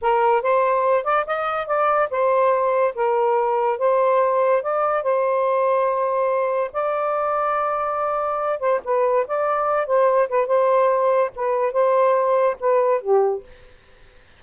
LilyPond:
\new Staff \with { instrumentName = "saxophone" } { \time 4/4 \tempo 4 = 143 ais'4 c''4. d''8 dis''4 | d''4 c''2 ais'4~ | ais'4 c''2 d''4 | c''1 |
d''1~ | d''8 c''8 b'4 d''4. c''8~ | c''8 b'8 c''2 b'4 | c''2 b'4 g'4 | }